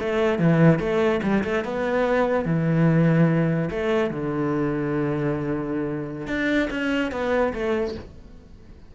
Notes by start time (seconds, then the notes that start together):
0.00 A3
0.39 E3
0.80 A3
1.24 G3
1.45 A3
1.65 B3
2.46 E3
3.71 A3
4.11 D3
6.28 D4
6.71 C#4
7.12 B3
7.54 A3